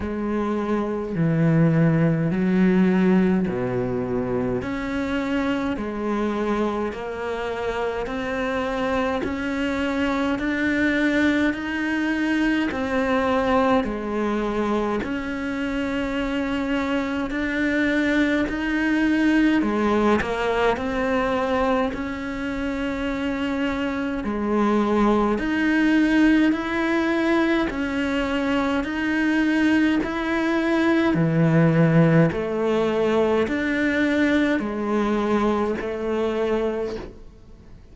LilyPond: \new Staff \with { instrumentName = "cello" } { \time 4/4 \tempo 4 = 52 gis4 e4 fis4 b,4 | cis'4 gis4 ais4 c'4 | cis'4 d'4 dis'4 c'4 | gis4 cis'2 d'4 |
dis'4 gis8 ais8 c'4 cis'4~ | cis'4 gis4 dis'4 e'4 | cis'4 dis'4 e'4 e4 | a4 d'4 gis4 a4 | }